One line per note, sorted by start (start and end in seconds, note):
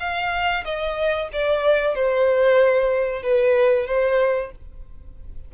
0.00 0.65 F5
0.65 1.30 D#5
1.33 1.95 D5
1.95 3.23 C5
3.23 3.87 B4
3.87 4.52 C5